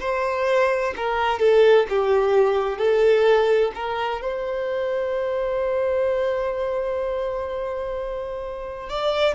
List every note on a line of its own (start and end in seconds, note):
0.00 0.94 C5
0.96 1.39 A#4
1.39 1.86 A4
1.89 2.78 G4
2.78 3.72 A4
3.75 4.21 A#4
4.22 8.89 C5
8.89 9.35 D5